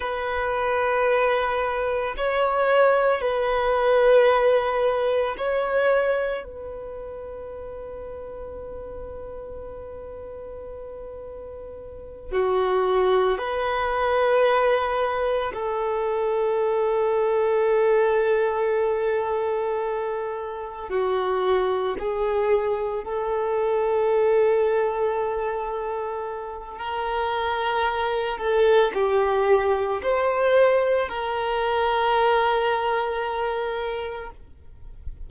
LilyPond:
\new Staff \with { instrumentName = "violin" } { \time 4/4 \tempo 4 = 56 b'2 cis''4 b'4~ | b'4 cis''4 b'2~ | b'2.~ b'8 fis'8~ | fis'8 b'2 a'4.~ |
a'2.~ a'8 fis'8~ | fis'8 gis'4 a'2~ a'8~ | a'4 ais'4. a'8 g'4 | c''4 ais'2. | }